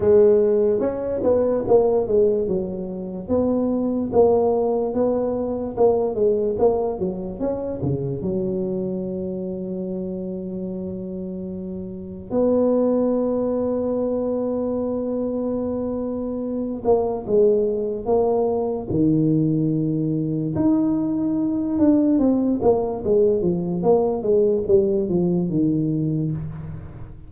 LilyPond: \new Staff \with { instrumentName = "tuba" } { \time 4/4 \tempo 4 = 73 gis4 cis'8 b8 ais8 gis8 fis4 | b4 ais4 b4 ais8 gis8 | ais8 fis8 cis'8 cis8 fis2~ | fis2. b4~ |
b1~ | b8 ais8 gis4 ais4 dis4~ | dis4 dis'4. d'8 c'8 ais8 | gis8 f8 ais8 gis8 g8 f8 dis4 | }